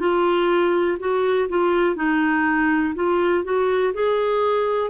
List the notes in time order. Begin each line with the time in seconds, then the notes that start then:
0.00 F4
1.00 F#4
1.49 F4
1.96 D#4
2.96 F4
3.45 F#4
3.94 G#4